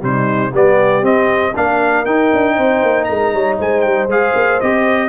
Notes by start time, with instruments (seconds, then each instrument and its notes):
0.00 tuba C3, trombone G3, horn D#4, trumpet C5
0.51 tuba G3, trombone B3, horn G4, trumpet D5
1.03 tuba C4, trombone C4, trumpet D#5
1.55 tuba A#3, trombone D4, horn A#4, trumpet F5
2.05 tuba D#4, trombone D#4, trumpet G5
2.33 tuba D4
2.55 tuba C4, horn C5
2.83 tuba A#3
3.05 tuba G#3, horn A#4, trumpet A#5
3.34 tuba G3, horn C#5
3.58 tuba G#3, horn C5, trumpet G#5
3.81 tuba G3, trumpet G5
4.08 tuba G#3, trombone G#4, trumpet F5
4.35 tuba A#3
4.61 tuba C4, trombone G4, trumpet D#5